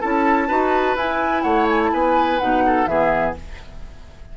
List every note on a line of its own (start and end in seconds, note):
0.00 0.50 C#4
0.00 0.48 E4
0.00 0.48 A4
0.00 0.96 A5
0.48 0.96 D#4
0.48 0.96 F#4
0.48 1.43 B4
0.96 1.43 E4
0.96 2.40 E4
0.96 1.42 G#5
1.42 1.91 A3
1.42 1.91 C#5
1.42 1.66 F#5
1.69 1.81 G#5
1.83 1.93 A5
1.92 2.41 B3
1.92 2.64 B4
1.92 2.39 G#5
2.39 2.87 B2
2.39 2.87 D#4
2.39 2.86 F#5
2.66 2.89 A4
2.86 3.34 E3
2.86 3.35 B3
2.86 3.37 G#4
2.86 3.34 E5